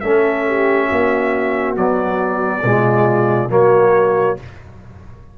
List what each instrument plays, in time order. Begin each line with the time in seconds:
0.00 tuba A3, trombone C#4, horn A4, trumpet E5
0.47 horn G4
0.86 tuba A#3, horn F#4
1.76 trombone F#3, tuba B3, trumpet D5
2.63 tuba B2, trombone G#3, horn F4
3.49 tuba F#3, trombone A#3, horn F#4, trumpet C#5